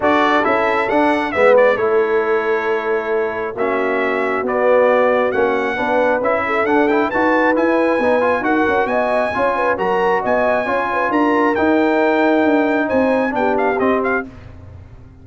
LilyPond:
<<
  \new Staff \with { instrumentName = "trumpet" } { \time 4/4 \tempo 4 = 135 d''4 e''4 fis''4 e''8 d''8 | cis''1 | e''2 d''2 | fis''2 e''4 fis''8 g''8 |
a''4 gis''2 fis''4 | gis''2 ais''4 gis''4~ | gis''4 ais''4 g''2~ | g''4 gis''4 g''8 f''8 dis''8 f''8 | }
  \new Staff \with { instrumentName = "horn" } { \time 4/4 a'2. b'4 | a'1 | fis'1~ | fis'4 b'4. a'4. |
b'2. ais'4 | dis''4 cis''8 b'8 ais'4 dis''4 | cis''8 b'8 ais'2.~ | ais'4 c''4 g'2 | }
  \new Staff \with { instrumentName = "trombone" } { \time 4/4 fis'4 e'4 d'4 b4 | e'1 | cis'2 b2 | cis'4 d'4 e'4 d'8 e'8 |
fis'4 e'4 dis'8 f'8 fis'4~ | fis'4 f'4 fis'2 | f'2 dis'2~ | dis'2 d'4 c'4 | }
  \new Staff \with { instrumentName = "tuba" } { \time 4/4 d'4 cis'4 d'4 gis4 | a1 | ais2 b2 | ais4 b4 cis'4 d'4 |
dis'4 e'4 b4 dis'8 cis'8 | b4 cis'4 fis4 b4 | cis'4 d'4 dis'2 | d'4 c'4 b4 c'4 | }
>>